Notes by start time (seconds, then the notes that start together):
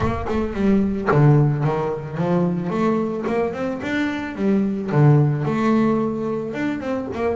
0.00 A#3
0.28 A3
0.53 G3
1.11 D3
1.64 D#3
2.17 F3
2.70 A3
3.26 A#3
3.53 C4
3.82 D4
4.35 G3
4.91 D3
5.45 A3
6.53 D4
6.80 C4
7.14 A#3